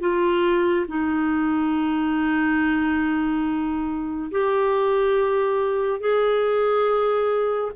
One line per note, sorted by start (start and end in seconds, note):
0.00 0.86 F4
0.88 4.31 D#4
4.31 6.00 G4
6.00 7.71 G#4